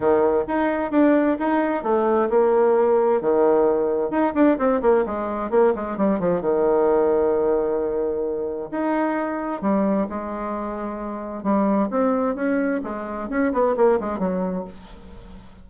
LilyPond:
\new Staff \with { instrumentName = "bassoon" } { \time 4/4 \tempo 4 = 131 dis4 dis'4 d'4 dis'4 | a4 ais2 dis4~ | dis4 dis'8 d'8 c'8 ais8 gis4 | ais8 gis8 g8 f8 dis2~ |
dis2. dis'4~ | dis'4 g4 gis2~ | gis4 g4 c'4 cis'4 | gis4 cis'8 b8 ais8 gis8 fis4 | }